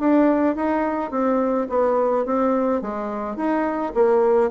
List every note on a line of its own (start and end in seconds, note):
0.00 0.56 D4
0.56 1.11 D#4
1.11 1.68 C4
1.70 2.26 B3
2.26 2.82 C4
2.82 3.37 G#3
3.37 3.93 D#4
3.95 4.52 A#3